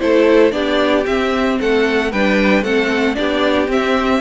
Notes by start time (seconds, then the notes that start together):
0.00 A3 E4 A4 C5
0.52 B3 D4 G4 D5
1.05 C4 E5
1.60 A3 A4 F#5
2.12 G3 D4 B4 G5
2.63 A3 C4 A4 F#5
3.15 B3 D4 G4 D5
3.68 C4 E5